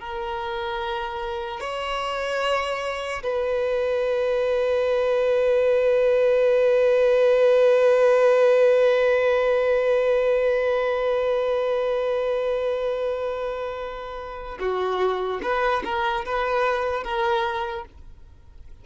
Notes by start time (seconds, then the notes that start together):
0.00 A#4
1.61 C#5
3.24 B4
14.59 F#4
15.43 B4
15.85 A#4
16.26 B4
17.04 A#4